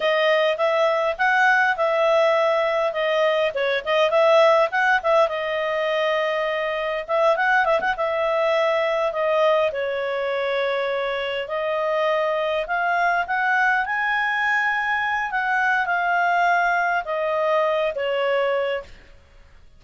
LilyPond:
\new Staff \with { instrumentName = "clarinet" } { \time 4/4 \tempo 4 = 102 dis''4 e''4 fis''4 e''4~ | e''4 dis''4 cis''8 dis''8 e''4 | fis''8 e''8 dis''2. | e''8 fis''8 e''16 fis''16 e''2 dis''8~ |
dis''8 cis''2. dis''8~ | dis''4. f''4 fis''4 gis''8~ | gis''2 fis''4 f''4~ | f''4 dis''4. cis''4. | }